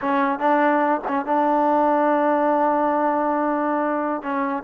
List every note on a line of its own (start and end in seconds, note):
0.01 0.39 C#4
0.39 1.00 D4
1.07 1.25 C#4
1.25 4.22 D4
4.22 4.63 C#4